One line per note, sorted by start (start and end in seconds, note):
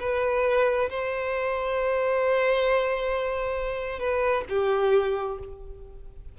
0.00 0.90 B4
0.90 4.00 C5
4.00 4.45 B4
4.49 5.39 G4